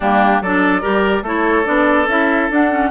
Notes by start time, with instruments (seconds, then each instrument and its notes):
0.00 bassoon G3, clarinet A#3, oboe D4, flute G4
0.41 bassoon F#3, clarinet D4, oboe A4, flute D5
0.81 bassoon G3, clarinet G4, oboe A#4
1.22 bassoon A3, clarinet E4, oboe A4, flute C#5
1.64 bassoon B3, clarinet D4, flute D5
2.07 bassoon C#4, clarinet E4, flute E5
2.49 bassoon D4, clarinet D4, flute F#5
2.71 clarinet C#4